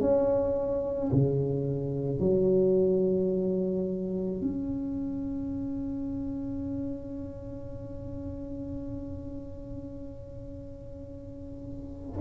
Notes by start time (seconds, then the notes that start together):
0.00 C#4
1.12 C#3
2.19 F#3
4.41 C#4